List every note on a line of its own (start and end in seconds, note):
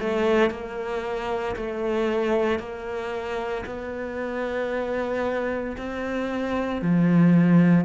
0.00 0.50 A3
0.50 1.56 A#3
1.56 2.59 A3
2.59 3.65 A#3
3.66 5.77 B3
5.78 6.81 C4
6.81 7.85 F3